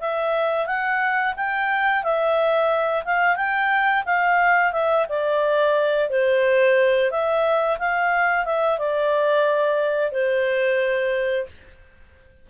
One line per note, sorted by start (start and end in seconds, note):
0.00 0.66 E5
0.66 1.34 F#5
1.36 2.03 G5
2.03 3.04 E5
3.04 3.36 F5
3.36 4.03 G5
4.05 4.72 F5
4.72 5.06 E5
5.08 6.09 D5
6.09 7.10 C5
7.10 7.78 E5
7.78 8.45 F5
8.45 8.78 E5
8.78 10.11 D5
10.11 11.46 C5